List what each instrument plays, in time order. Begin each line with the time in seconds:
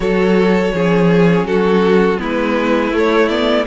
0.00 cello F#3, viola F#4, violin A4 C#5
0.73 cello F3, viola C#4, violin G#4
1.43 cello F#3, violin F#4 A4
2.18 cello G#3, viola B3, violin E4 B4
2.91 viola A3, cello A3
2.97 violin C#5
3.29 viola B3, violin D5